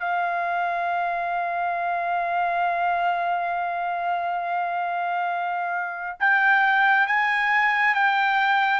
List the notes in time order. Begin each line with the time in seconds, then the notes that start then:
0.00 F5
6.20 G5
7.07 G#5
7.95 G5